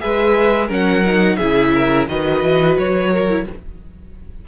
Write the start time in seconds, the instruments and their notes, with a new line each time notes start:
0.00 cello G#3, viola G#4, violin B4 E5
0.67 cello F#3, viola C#4, violin A#4
0.73 violin F#5
1.06 viola D#4
1.36 cello C#3, viola E4, violin G#4 E5
1.74 violin A#4
2.08 cello D#3, viola F#4, violin B4 D#5
2.43 cello E3
2.78 cello F#3, violin C#5
3.11 violin A#4
3.29 viola E4